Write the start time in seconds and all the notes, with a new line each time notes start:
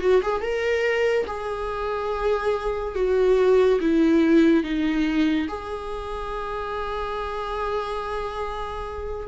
0.00 F#4
0.22 G#4
0.41 A#4
1.26 G#4
2.95 F#4
3.80 E4
4.63 D#4
5.48 G#4